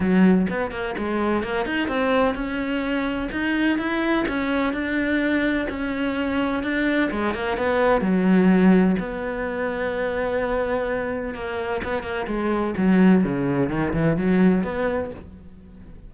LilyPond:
\new Staff \with { instrumentName = "cello" } { \time 4/4 \tempo 4 = 127 fis4 b8 ais8 gis4 ais8 dis'8 | c'4 cis'2 dis'4 | e'4 cis'4 d'2 | cis'2 d'4 gis8 ais8 |
b4 fis2 b4~ | b1 | ais4 b8 ais8 gis4 fis4 | cis4 dis8 e8 fis4 b4 | }